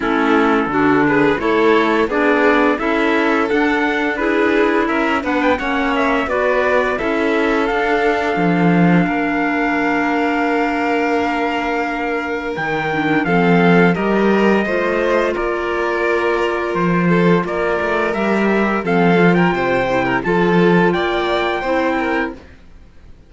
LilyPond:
<<
  \new Staff \with { instrumentName = "trumpet" } { \time 4/4 \tempo 4 = 86 a'4. b'8 cis''4 d''4 | e''4 fis''4 b'4 e''8 fis''16 g''16 | fis''8 e''8 d''4 e''4 f''4~ | f''1~ |
f''2 g''4 f''4 | dis''2 d''2 | c''4 d''4 e''4 f''8. g''16~ | g''4 a''4 g''2 | }
  \new Staff \with { instrumentName = "violin" } { \time 4/4 e'4 fis'8 gis'8 a'4 gis'4 | a'2 gis'4 ais'8 b'8 | cis''4 b'4 a'2~ | a'4 ais'2.~ |
ais'2. a'4 | ais'4 c''4 ais'2~ | ais'8 a'8 ais'2 a'8. ais'16 | c''8. ais'16 a'4 d''4 c''8 ais'8 | }
  \new Staff \with { instrumentName = "clarinet" } { \time 4/4 cis'4 d'4 e'4 d'4 | e'4 d'4 e'4. d'8 | cis'4 fis'4 e'4 d'4~ | d'1~ |
d'2 dis'8 d'8 c'4 | g'4 f'2.~ | f'2 g'4 c'8 f'8~ | f'8 e'8 f'2 e'4 | }
  \new Staff \with { instrumentName = "cello" } { \time 4/4 a4 d4 a4 b4 | cis'4 d'2 cis'8 b8 | ais4 b4 cis'4 d'4 | f4 ais2.~ |
ais2 dis4 f4 | g4 a4 ais2 | f4 ais8 a8 g4 f4 | c4 f4 ais4 c'4 | }
>>